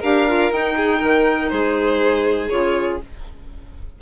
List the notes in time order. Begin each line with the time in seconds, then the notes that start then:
0.00 D4 G4 A#4 F5
0.28 F4
0.51 D#4 G5
0.76 G#4
0.99 D#3 A#4
1.49 G#3 G#4 C5
2.49 C#3 F4 C#5